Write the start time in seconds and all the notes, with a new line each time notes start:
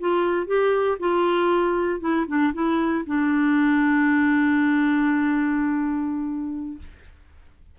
0.00 F4
0.47 G4
1.00 F4
2.00 E4
2.28 D4
2.54 E4
3.07 D4